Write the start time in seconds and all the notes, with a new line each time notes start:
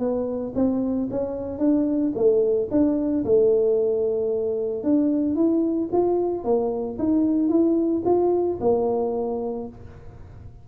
0.00 B3
0.56 C4
1.11 C#4
1.59 D4
2.16 A3
2.71 D4
3.25 A3
4.84 D4
5.36 E4
5.93 F4
6.45 A#3
6.99 D#4
7.50 E4
8.06 F4
8.61 A#3